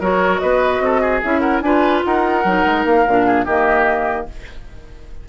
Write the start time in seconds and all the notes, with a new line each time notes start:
0.00 F#3 F#4 A#4 C#5
0.39 B3 B4 D#5
0.80 C4 A4
1.01 G#4
1.23 C#4 E4 E5
1.40 A#4 F#5
1.61 D4 F4 B4 G#5
2.05 D#4 A#4 F#5
2.44 F#3 D#4
2.65 G#3
2.85 A#3 F5
3.08 A#2 D4
3.26 G#4
3.45 D#3 A#3 G4 D#5